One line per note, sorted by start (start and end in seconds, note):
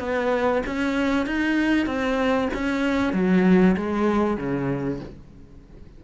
0.00 0.62 B3
0.66 1.26 C#4
1.26 1.87 D#4
1.87 2.49 C4
2.54 3.13 C#4
3.13 3.76 F#3
3.77 4.38 G#3
4.38 5.00 C#3